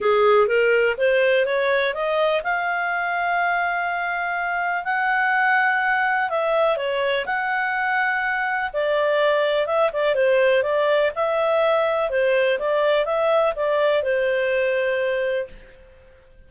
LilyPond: \new Staff \with { instrumentName = "clarinet" } { \time 4/4 \tempo 4 = 124 gis'4 ais'4 c''4 cis''4 | dis''4 f''2.~ | f''2 fis''2~ | fis''4 e''4 cis''4 fis''4~ |
fis''2 d''2 | e''8 d''8 c''4 d''4 e''4~ | e''4 c''4 d''4 e''4 | d''4 c''2. | }